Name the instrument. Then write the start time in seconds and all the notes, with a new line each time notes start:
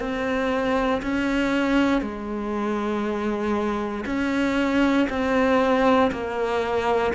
cello
0.00 C4
1.02 C#4
2.02 G#3
4.06 C#4
5.09 C4
6.11 A#3